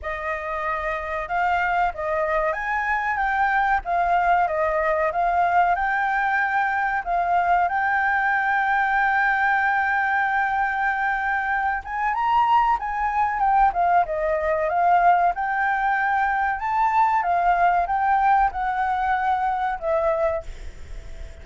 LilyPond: \new Staff \with { instrumentName = "flute" } { \time 4/4 \tempo 4 = 94 dis''2 f''4 dis''4 | gis''4 g''4 f''4 dis''4 | f''4 g''2 f''4 | g''1~ |
g''2~ g''8 gis''8 ais''4 | gis''4 g''8 f''8 dis''4 f''4 | g''2 a''4 f''4 | g''4 fis''2 e''4 | }